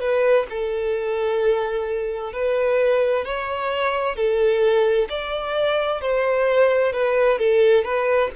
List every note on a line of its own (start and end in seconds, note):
0.00 0.46 B4
0.50 2.33 A4
2.33 3.25 B4
3.25 4.16 C#5
4.16 5.08 A4
5.09 6.01 D5
6.01 6.92 C5
6.92 7.38 B4
7.38 7.84 A4
7.84 8.30 B4